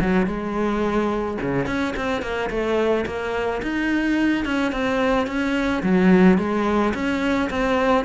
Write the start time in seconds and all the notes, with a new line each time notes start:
0.00 F#3
0.26 G#3
1.41 C#3
1.66 C#4
1.96 C4
2.22 A#3
2.50 A3
3.06 A#3
3.62 D#4
4.45 C#4
4.72 C4
5.27 C#4
5.83 F#3
6.38 G#3
6.94 C#4
7.50 C4